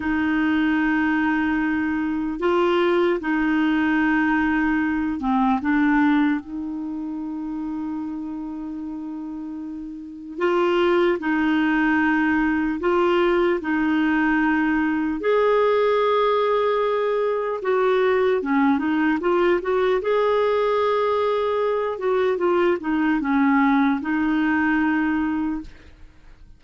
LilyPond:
\new Staff \with { instrumentName = "clarinet" } { \time 4/4 \tempo 4 = 75 dis'2. f'4 | dis'2~ dis'8 c'8 d'4 | dis'1~ | dis'4 f'4 dis'2 |
f'4 dis'2 gis'4~ | gis'2 fis'4 cis'8 dis'8 | f'8 fis'8 gis'2~ gis'8 fis'8 | f'8 dis'8 cis'4 dis'2 | }